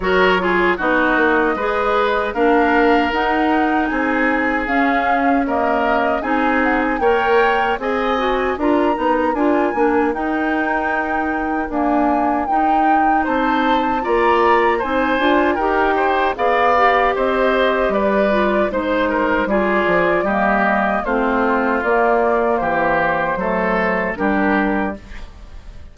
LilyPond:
<<
  \new Staff \with { instrumentName = "flute" } { \time 4/4 \tempo 4 = 77 cis''4 dis''2 f''4 | fis''4 gis''4 f''4 dis''4 | gis''8 fis''16 gis''16 g''4 gis''4 ais''4 | gis''4 g''2 gis''4 |
g''4 a''4 ais''4 gis''4 | g''4 f''4 dis''4 d''4 | c''4 d''4 dis''4 c''4 | d''4 c''2 ais'4 | }
  \new Staff \with { instrumentName = "oboe" } { \time 4/4 ais'8 gis'8 fis'4 b'4 ais'4~ | ais'4 gis'2 ais'4 | gis'4 cis''4 dis''4 ais'4~ | ais'1~ |
ais'4 c''4 d''4 c''4 | ais'8 c''8 d''4 c''4 b'4 | c''8 ais'8 gis'4 g'4 f'4~ | f'4 g'4 a'4 g'4 | }
  \new Staff \with { instrumentName = "clarinet" } { \time 4/4 fis'8 f'8 dis'4 gis'4 d'4 | dis'2 cis'4 ais4 | dis'4 ais'4 gis'8 fis'8 f'8 dis'8 | f'8 d'8 dis'2 ais4 |
dis'2 f'4 dis'8 f'8 | g'4 gis'8 g'2 f'8 | dis'4 f'4 ais4 c'4 | ais2 a4 d'4 | }
  \new Staff \with { instrumentName = "bassoon" } { \time 4/4 fis4 b8 ais8 gis4 ais4 | dis'4 c'4 cis'2 | c'4 ais4 c'4 d'8 b8 | d'8 ais8 dis'2 d'4 |
dis'4 c'4 ais4 c'8 d'8 | dis'4 b4 c'4 g4 | gis4 g8 f8 g4 a4 | ais4 e4 fis4 g4 | }
>>